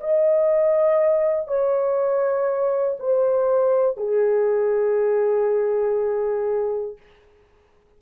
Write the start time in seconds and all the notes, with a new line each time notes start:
0.00 D#5
1.47 C#5
3.00 C5
3.97 G#4